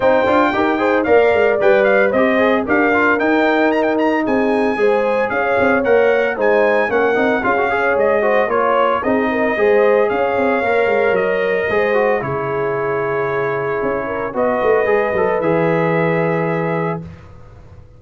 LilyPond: <<
  \new Staff \with { instrumentName = "trumpet" } { \time 4/4 \tempo 4 = 113 g''2 f''4 g''8 f''8 | dis''4 f''4 g''4 ais''16 g''16 ais''8 | gis''2 f''4 fis''4 | gis''4 fis''4 f''4 dis''4 |
cis''4 dis''2 f''4~ | f''4 dis''2 cis''4~ | cis''2. dis''4~ | dis''4 e''2. | }
  \new Staff \with { instrumentName = "horn" } { \time 4/4 c''4 ais'8 c''8 d''2 | c''4 ais'2. | gis'4 c''4 cis''2 | c''4 ais'4 gis'8 cis''4 c''8 |
cis''4 gis'8 ais'8 c''4 cis''4~ | cis''2 c''4 gis'4~ | gis'2~ gis'8 ais'8 b'4~ | b'1 | }
  \new Staff \with { instrumentName = "trombone" } { \time 4/4 dis'8 f'8 g'8 gis'8 ais'4 b'4 | g'8 gis'8 g'8 f'8 dis'2~ | dis'4 gis'2 ais'4 | dis'4 cis'8 dis'8 f'16 fis'16 gis'4 fis'8 |
f'4 dis'4 gis'2 | ais'2 gis'8 fis'8 e'4~ | e'2. fis'4 | gis'8 a'8 gis'2. | }
  \new Staff \with { instrumentName = "tuba" } { \time 4/4 c'8 d'8 dis'4 ais8 gis8 g4 | c'4 d'4 dis'2 | c'4 gis4 cis'8 c'8 ais4 | gis4 ais8 c'8 cis'4 gis4 |
ais4 c'4 gis4 cis'8 c'8 | ais8 gis8 fis4 gis4 cis4~ | cis2 cis'4 b8 a8 | gis8 fis8 e2. | }
>>